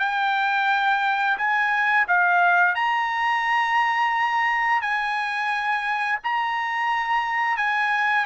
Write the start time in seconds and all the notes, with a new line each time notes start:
0.00 G5
1.38 G#5
2.08 F5
2.76 A#5
4.82 G#5
6.24 A#5
7.57 G#5